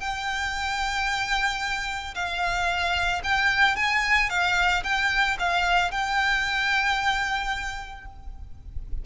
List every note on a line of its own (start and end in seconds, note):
0.00 2.14 G5
2.15 3.22 F5
3.24 3.76 G5
3.76 4.30 G#5
4.30 4.83 F5
4.84 5.37 G5
5.39 5.91 F5
5.91 8.06 G5